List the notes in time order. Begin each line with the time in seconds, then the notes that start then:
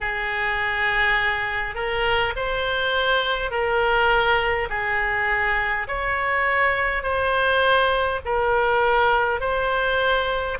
0.01 G#4
1.74 A#4
2.36 C5
3.50 A#4
4.69 G#4
5.87 C#5
7.02 C5
8.25 A#4
9.40 C5